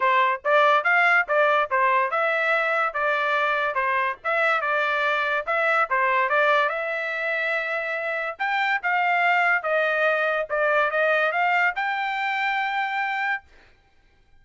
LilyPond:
\new Staff \with { instrumentName = "trumpet" } { \time 4/4 \tempo 4 = 143 c''4 d''4 f''4 d''4 | c''4 e''2 d''4~ | d''4 c''4 e''4 d''4~ | d''4 e''4 c''4 d''4 |
e''1 | g''4 f''2 dis''4~ | dis''4 d''4 dis''4 f''4 | g''1 | }